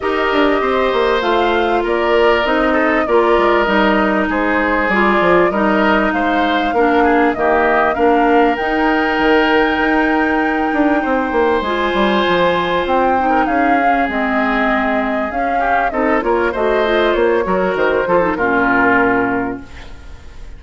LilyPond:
<<
  \new Staff \with { instrumentName = "flute" } { \time 4/4 \tempo 4 = 98 dis''2 f''4 d''4 | dis''4 d''4 dis''4 c''4 | d''4 dis''4 f''2 | dis''4 f''4 g''2~ |
g''2. gis''4~ | gis''4 g''4 f''4 dis''4~ | dis''4 f''4 dis''8 cis''8 dis''4 | cis''4 c''4 ais'2 | }
  \new Staff \with { instrumentName = "oboe" } { \time 4/4 ais'4 c''2 ais'4~ | ais'8 a'8 ais'2 gis'4~ | gis'4 ais'4 c''4 ais'8 gis'8 | g'4 ais'2.~ |
ais'2 c''2~ | c''4.~ c''16 ais'16 gis'2~ | gis'4. g'8 a'8 ais'8 c''4~ | c''8 ais'4 a'8 f'2 | }
  \new Staff \with { instrumentName = "clarinet" } { \time 4/4 g'2 f'2 | dis'4 f'4 dis'2 | f'4 dis'2 d'4 | ais4 d'4 dis'2~ |
dis'2. f'4~ | f'4. dis'4 cis'8 c'4~ | c'4 cis'4 dis'8 f'8 fis'8 f'8~ | f'8 fis'4 f'16 dis'16 cis'2 | }
  \new Staff \with { instrumentName = "bassoon" } { \time 4/4 dis'8 d'8 c'8 ais8 a4 ais4 | c'4 ais8 gis8 g4 gis4 | g8 f8 g4 gis4 ais4 | dis4 ais4 dis'4 dis4 |
dis'4. d'8 c'8 ais8 gis8 g8 | f4 c'4 cis'4 gis4~ | gis4 cis'4 c'8 ais8 a4 | ais8 fis8 dis8 f8 ais,2 | }
>>